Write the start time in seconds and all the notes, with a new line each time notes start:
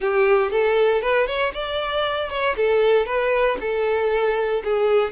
0.00 G4
0.51 A4
1.01 B4
1.27 C#5
1.53 D5
2.29 C#5
2.56 A4
3.06 B4
3.60 A4
4.64 G#4